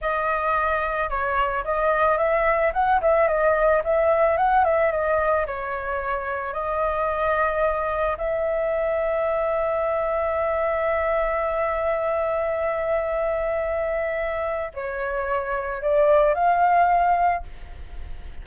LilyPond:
\new Staff \with { instrumentName = "flute" } { \time 4/4 \tempo 4 = 110 dis''2 cis''4 dis''4 | e''4 fis''8 e''8 dis''4 e''4 | fis''8 e''8 dis''4 cis''2 | dis''2. e''4~ |
e''1~ | e''1~ | e''2. cis''4~ | cis''4 d''4 f''2 | }